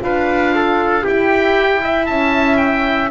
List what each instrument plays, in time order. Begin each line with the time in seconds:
0.00 double bass D4, horn F4, trumpet B4, oboe F5
0.56 trumpet A4
1.04 horn E4, double bass E4, trumpet G4, oboe G5
1.84 trumpet E5
2.06 double bass C#4, oboe A5
2.57 oboe G5